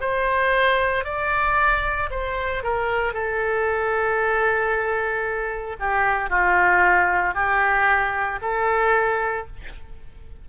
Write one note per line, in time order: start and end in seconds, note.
0.00 1.04 C5
1.04 2.10 D5
2.10 2.63 C5
2.63 3.13 A#4
3.13 5.76 A4
5.79 6.29 G4
6.29 7.34 F4
7.34 8.39 G4
8.41 9.46 A4